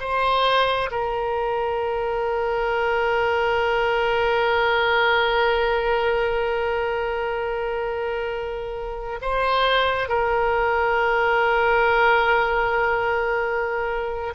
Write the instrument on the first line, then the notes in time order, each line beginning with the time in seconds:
oboe
0.00 C5
0.91 A#4
9.21 C5
10.08 A#4